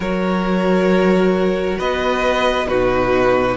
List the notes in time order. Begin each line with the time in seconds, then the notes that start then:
0.00 F#3 F#4 A#4 C#5
1.78 B3 B4 D#5
2.66 B2 D#4 F#4 B4